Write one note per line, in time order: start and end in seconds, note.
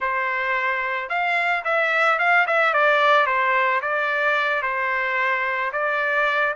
0.00 1.09 C5
1.09 1.63 F5
1.64 2.18 E5
2.18 2.45 F5
2.47 2.73 E5
2.73 3.26 D5
3.26 3.81 C5
3.81 4.62 D5
4.62 5.71 C5
5.72 6.54 D5